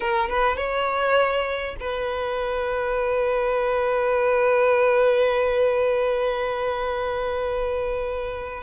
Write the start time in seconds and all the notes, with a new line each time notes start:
0.00 A#4
0.29 B4
0.56 C#5
1.80 B4